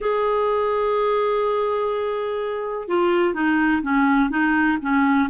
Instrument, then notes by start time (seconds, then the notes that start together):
clarinet
0.00 G#4
2.88 F4
3.34 D#4
3.82 C#4
4.30 D#4
4.81 C#4